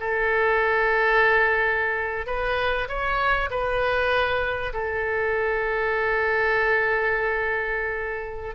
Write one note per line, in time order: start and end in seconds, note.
0.00 2.27 A4
2.27 2.88 B4
2.89 3.50 C#5
3.50 4.73 B4
4.73 8.55 A4